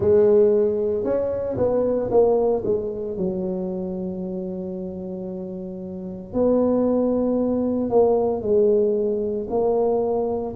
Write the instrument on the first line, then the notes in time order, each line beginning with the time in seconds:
tuba
0.00 G#3
1.03 C#4
1.57 B3
2.11 A#3
2.64 G#3
3.17 F#3
6.33 B3
7.89 A#3
8.42 G#3
9.49 A#3